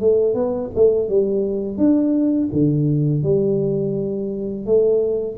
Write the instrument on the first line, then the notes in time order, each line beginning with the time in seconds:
tuba
0.00 A3
0.34 B3
0.75 A3
1.09 G3
1.78 D4
2.52 D3
3.23 G3
4.66 A3